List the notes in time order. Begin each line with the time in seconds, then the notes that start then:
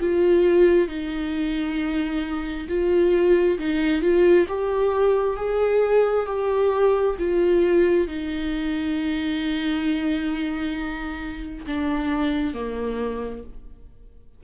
0.00 F4
0.88 D#4
2.68 F4
3.58 D#4
4.01 F4
4.48 G4
5.36 G#4
6.26 G4
7.18 F4
8.07 D#4
11.66 D4
12.53 A#3